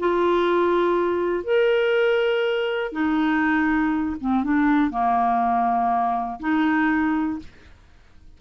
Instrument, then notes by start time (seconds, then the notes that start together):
clarinet
0.00 F4
1.44 A#4
2.93 D#4
4.21 C4
4.44 D4
4.91 A#3
6.40 D#4